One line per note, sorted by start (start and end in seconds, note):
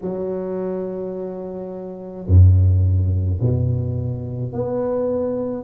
0.01 2.26 F#3
2.26 3.40 F#2
3.41 4.52 B2
4.52 5.63 B3